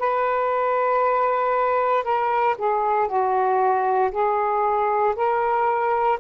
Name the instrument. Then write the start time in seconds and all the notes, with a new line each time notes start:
saxophone
0.00 B4
2.04 A#4
2.59 G#4
3.08 F#4
4.12 G#4
5.16 A#4